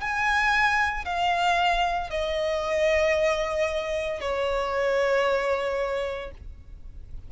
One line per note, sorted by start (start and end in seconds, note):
0.00 1.05 G#5
1.05 2.10 F5
2.10 4.20 D#5
4.20 6.31 C#5